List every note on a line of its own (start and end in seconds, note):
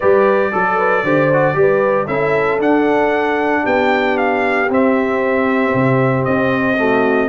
0.00 0.54 G3
0.00 0.52 G4
0.00 0.52 B4
0.00 2.07 D5
0.52 1.03 F#3
0.52 1.04 A4
0.52 0.77 A4
0.77 1.03 B4
1.03 1.55 D3
1.03 1.31 G4
1.03 1.56 C5
1.33 1.54 F#4
1.54 2.07 G3
1.54 2.06 G4
1.54 2.06 B4
2.06 2.58 C#4
2.06 2.59 E4
2.06 3.62 A4
2.06 2.59 E5
2.58 3.62 D4
2.58 4.67 D4
2.58 3.65 F#5
3.62 4.69 B3
3.62 6.75 G4
3.62 4.17 G5
4.17 4.70 F5
4.69 5.73 C4
4.69 6.77 C4
4.69 6.24 E5
5.74 6.26 C3
6.24 7.28 C4
6.24 7.28 D#5
6.77 7.28 A3
6.77 7.28 F#4